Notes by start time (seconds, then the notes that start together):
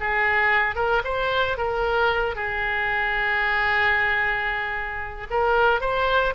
0.00 G#4
0.75 A#4
1.04 C5
1.57 A#4
2.35 G#4
5.30 A#4
5.80 C5